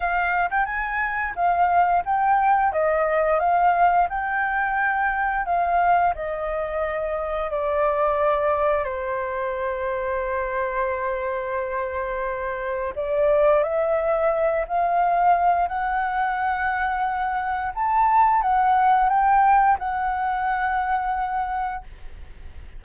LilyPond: \new Staff \with { instrumentName = "flute" } { \time 4/4 \tempo 4 = 88 f''8. g''16 gis''4 f''4 g''4 | dis''4 f''4 g''2 | f''4 dis''2 d''4~ | d''4 c''2.~ |
c''2. d''4 | e''4. f''4. fis''4~ | fis''2 a''4 fis''4 | g''4 fis''2. | }